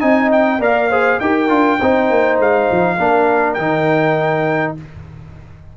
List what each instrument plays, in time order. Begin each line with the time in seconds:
0.00 tuba C4, trombone D#4, horn D#5, trumpet G#5
0.32 trumpet G5
0.59 tuba A#3, trombone A#4, horn D5, trumpet F5
0.90 trombone G#4, horn C5
1.20 tuba D#4, trombone G4, horn A#4, trumpet G5
1.49 tuba D4, trombone F4
1.79 tuba C4, trombone D#4, horn C5
2.10 tuba A#3
2.39 tuba G#3, trumpet F5
2.71 tuba F3
2.98 tuba A#3, trombone D4, horn A#4
3.54 tuba D#3, trombone D#4, trumpet G5